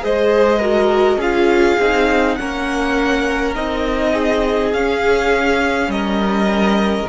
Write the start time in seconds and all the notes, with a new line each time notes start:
0.00 G#3 G#4 C5 D#5
0.60 F#4 A#4
1.17 C#4 F4 G#4 F5
1.79 C4 D#4
2.36 A#3 C#4 A#4 F#5
3.55 C4 D#4 D#5
4.12 G#4
4.73 C#4 F5
5.88 G3 A#4 D#5